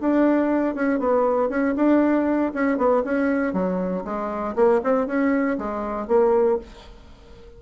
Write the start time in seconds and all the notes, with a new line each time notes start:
0.00 D4
0.74 C#4
0.99 B3
1.49 C#4
1.76 D4
2.54 C#4
2.77 B3
3.04 C#4
3.53 F#3
4.04 G#3
4.55 A#3
4.83 C4
5.06 C#4
5.57 G#3
6.07 A#3